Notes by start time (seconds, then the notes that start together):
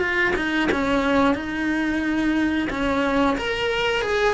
0.00 F4
0.35 D#4
0.72 C#4
1.35 D#4
2.70 C#4
3.37 A#4
4.02 G#4